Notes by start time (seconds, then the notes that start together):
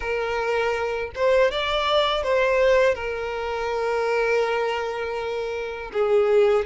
0.00 A#4
1.15 C5
1.51 D5
2.23 C5
2.95 A#4
5.93 G#4